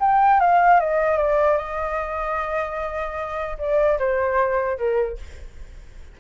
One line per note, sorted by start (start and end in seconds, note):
0.00 0.40 G5
0.40 0.80 F5
0.80 1.18 D#5
1.18 1.57 D5
1.57 3.57 D#5
3.59 3.99 D5
3.99 4.78 C5
4.78 5.18 A#4